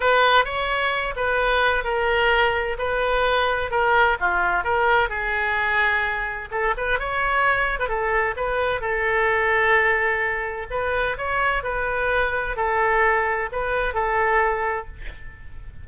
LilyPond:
\new Staff \with { instrumentName = "oboe" } { \time 4/4 \tempo 4 = 129 b'4 cis''4. b'4. | ais'2 b'2 | ais'4 f'4 ais'4 gis'4~ | gis'2 a'8 b'8 cis''4~ |
cis''8. b'16 a'4 b'4 a'4~ | a'2. b'4 | cis''4 b'2 a'4~ | a'4 b'4 a'2 | }